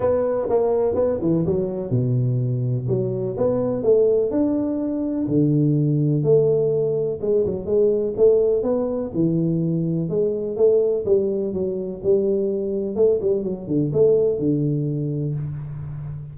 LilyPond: \new Staff \with { instrumentName = "tuba" } { \time 4/4 \tempo 4 = 125 b4 ais4 b8 e8 fis4 | b,2 fis4 b4 | a4 d'2 d4~ | d4 a2 gis8 fis8 |
gis4 a4 b4 e4~ | e4 gis4 a4 g4 | fis4 g2 a8 g8 | fis8 d8 a4 d2 | }